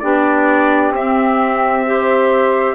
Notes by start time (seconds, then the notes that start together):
0.00 B3 D4 G4 D5
0.92 C4 E5
1.87 G4 C5